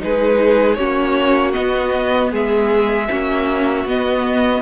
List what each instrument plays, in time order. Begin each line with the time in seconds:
0.00 cello G#3, viola D#4, violin G#4 B4
0.75 cello A#3, viola C#4, violin F#4 C#5
1.53 viola B3, cello B3, violin D#5
2.32 cello G#3, violin G#4 E5
3.10 cello A#3, viola C#4, violin F#4
3.85 cello B3, viola B3, violin D#5